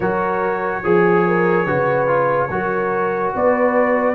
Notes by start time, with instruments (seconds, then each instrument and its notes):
0.00 tuba F#3, trombone F#4, horn A#4, trumpet C#5
0.84 tuba F3, trombone G#4, horn G#4
1.27 horn A#4
1.65 tuba C#3, trombone F#4, horn B4
2.07 trombone F4
2.49 tuba F#3, trombone F#4, horn A#4
3.34 tuba B3, horn B4, trumpet D5